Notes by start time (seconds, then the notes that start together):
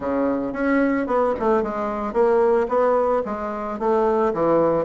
0.00 C#3
0.53 C#4
1.06 B3
1.39 A3
1.62 G#3
2.13 A#3
2.68 B3
3.25 G#3
3.79 A3
4.33 E3